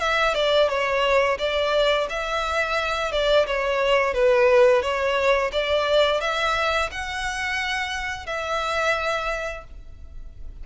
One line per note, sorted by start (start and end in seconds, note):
0.00 0.34 E5
0.34 0.69 D5
0.69 1.38 C#5
1.39 2.08 D5
2.10 3.12 E5
3.12 3.46 D5
3.47 4.14 C#5
4.14 4.82 B4
4.82 5.51 C#5
5.53 6.21 D5
6.21 6.90 E5
6.92 8.27 F#5
8.27 9.65 E5